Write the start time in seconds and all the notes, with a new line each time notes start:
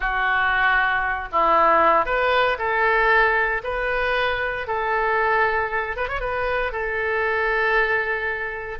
0.00 F#4
1.32 E4
2.05 B4
2.58 A4
3.63 B4
4.67 A4
5.96 B4
6.08 C#5
6.20 B4
6.72 A4